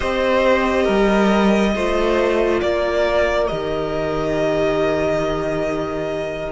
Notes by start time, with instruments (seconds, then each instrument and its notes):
0.00 cello C4, viola G4, violin C5 D#5
0.83 cello G3, violin A#4
1.75 cello A3, viola F4, violin C5
2.61 cello A#3, violin A#4 D5
3.47 cello D#3, viola G4, violin D#5